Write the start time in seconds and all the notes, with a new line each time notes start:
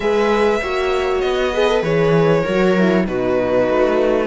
0.00 G#3 G#4 B4 E5
0.61 A#3 F#4 C#5
1.20 B3 D#5
1.53 G#4 B4
1.67 A4
1.82 E3 G#4 C#5
2.43 F#3 F#4 A#4
2.78 E4
3.06 B2 D#4 F#4 B4
3.69 A3